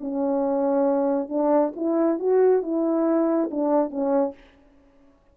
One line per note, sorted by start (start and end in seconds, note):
0.00 1.29 C#4
1.29 1.72 D4
1.76 2.19 E4
2.19 2.62 F#4
2.62 3.50 E4
3.51 3.90 D4
3.90 4.34 C#4